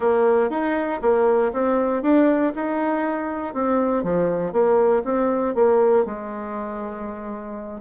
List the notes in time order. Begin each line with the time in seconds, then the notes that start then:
0.00 A#3
0.50 D#4
1.01 A#3
1.52 C4
2.02 D4
2.55 D#4
3.54 C4
4.03 F3
4.52 A#3
5.04 C4
5.54 A#3
6.05 G#3